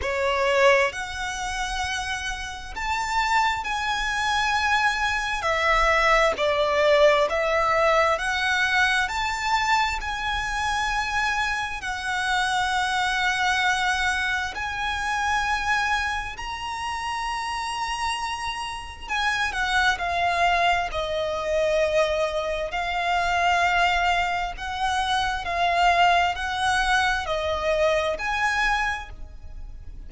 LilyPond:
\new Staff \with { instrumentName = "violin" } { \time 4/4 \tempo 4 = 66 cis''4 fis''2 a''4 | gis''2 e''4 d''4 | e''4 fis''4 a''4 gis''4~ | gis''4 fis''2. |
gis''2 ais''2~ | ais''4 gis''8 fis''8 f''4 dis''4~ | dis''4 f''2 fis''4 | f''4 fis''4 dis''4 gis''4 | }